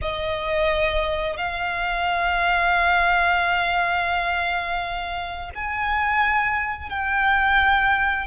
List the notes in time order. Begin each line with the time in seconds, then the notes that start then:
0.01 D#5
1.36 F5
5.55 G#5
6.89 G5